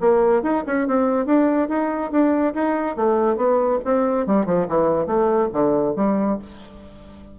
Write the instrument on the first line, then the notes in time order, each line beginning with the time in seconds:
bassoon
0.00 A#3
0.42 D#4
0.66 C#4
0.87 C4
1.26 D4
1.68 D#4
2.11 D4
2.54 D#4
2.96 A3
3.36 B3
3.84 C4
4.26 G3
4.45 F3
4.68 E3
5.06 A3
5.53 D3
5.96 G3